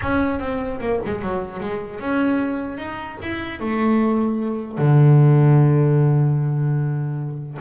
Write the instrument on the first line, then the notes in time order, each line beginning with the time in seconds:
double bass
0.02 C#4
0.39 C4
0.80 A#3
1.04 G#3
1.21 F#3
1.60 G#3
1.99 C#4
2.77 D#4
3.22 E4
3.60 A3
4.78 D3